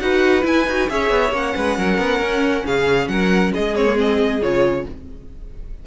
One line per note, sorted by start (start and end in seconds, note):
0.00 0.45 D#4
0.00 0.43 F#4
0.00 0.91 B4
0.00 0.44 F#5
0.43 0.65 E4
0.43 0.67 E4
0.43 0.89 G#5
0.67 0.89 D#4
0.67 0.89 F#4
0.89 1.10 C#4
0.89 1.33 G#4
0.89 1.56 C#5
0.89 1.33 E5
1.10 1.32 B3
1.32 1.54 A#3
1.32 3.75 C#4
1.32 2.66 F#5
1.56 1.78 G#3
1.56 1.78 B4
1.78 1.98 F#3
1.78 2.66 A#4
1.98 2.20 B3
2.20 2.64 C#4
2.66 3.08 C#3
2.66 3.10 G#4
2.66 3.08 F5
3.08 3.52 F#3
3.08 3.53 A#4
3.08 3.52 F#5
3.53 4.42 G#3
3.53 4.86 G#4
3.53 3.76 D#5
3.75 3.86 C4
3.75 3.98 C#5
3.86 3.95 A#3
3.95 4.39 C4
3.95 4.43 D#5
4.42 4.86 C#3
4.42 4.86 F4
4.42 4.87 C#5